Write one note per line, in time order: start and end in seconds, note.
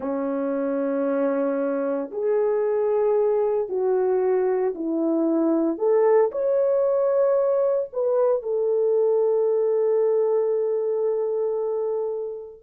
0.00 2.10 C#4
2.11 3.68 G#4
3.68 4.74 F#4
4.74 5.78 E4
5.78 6.30 A4
6.31 7.89 C#5
7.92 8.42 B4
8.42 12.62 A4